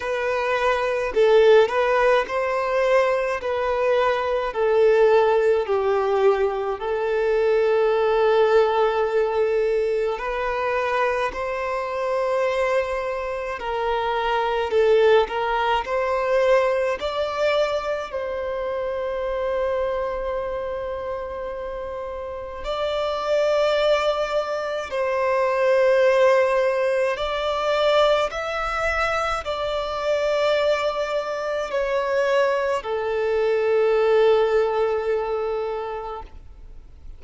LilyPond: \new Staff \with { instrumentName = "violin" } { \time 4/4 \tempo 4 = 53 b'4 a'8 b'8 c''4 b'4 | a'4 g'4 a'2~ | a'4 b'4 c''2 | ais'4 a'8 ais'8 c''4 d''4 |
c''1 | d''2 c''2 | d''4 e''4 d''2 | cis''4 a'2. | }